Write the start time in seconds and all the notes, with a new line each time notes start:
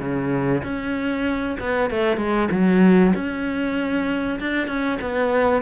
0.00 C#3
0.63 C#4
1.60 B3
1.90 A3
2.17 G#3
2.51 F#3
3.14 C#4
4.40 D4
4.67 C#4
5.01 B3